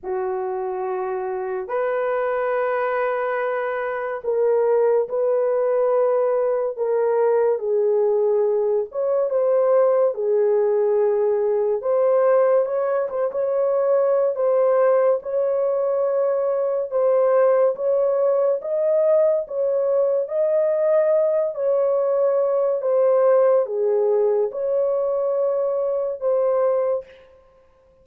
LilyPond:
\new Staff \with { instrumentName = "horn" } { \time 4/4 \tempo 4 = 71 fis'2 b'2~ | b'4 ais'4 b'2 | ais'4 gis'4. cis''8 c''4 | gis'2 c''4 cis''8 c''16 cis''16~ |
cis''4 c''4 cis''2 | c''4 cis''4 dis''4 cis''4 | dis''4. cis''4. c''4 | gis'4 cis''2 c''4 | }